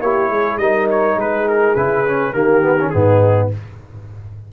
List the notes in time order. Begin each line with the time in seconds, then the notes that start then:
0.00 A#3 E4 G4 C#5
0.29 G#3 G#4
0.57 G3 D#4 A#4 D#5
0.90 C#5
1.16 G#3 G#4 B4
1.48 A#4
1.75 C#3 E4 B4
2.06 C#4
2.33 D#3 A#3 G4 A#4
2.62 B3
2.80 C#4
2.89 G#2 B3 D#4 G#4